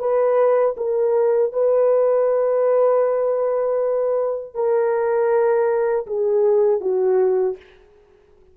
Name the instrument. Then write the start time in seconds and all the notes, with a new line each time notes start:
horn
0.00 B4
0.77 A#4
1.53 B4
4.54 A#4
6.07 G#4
6.81 F#4